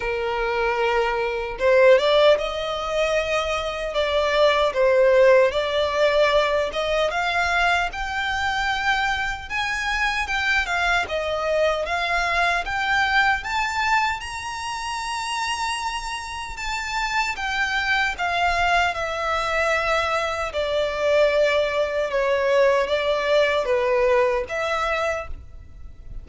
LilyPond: \new Staff \with { instrumentName = "violin" } { \time 4/4 \tempo 4 = 76 ais'2 c''8 d''8 dis''4~ | dis''4 d''4 c''4 d''4~ | d''8 dis''8 f''4 g''2 | gis''4 g''8 f''8 dis''4 f''4 |
g''4 a''4 ais''2~ | ais''4 a''4 g''4 f''4 | e''2 d''2 | cis''4 d''4 b'4 e''4 | }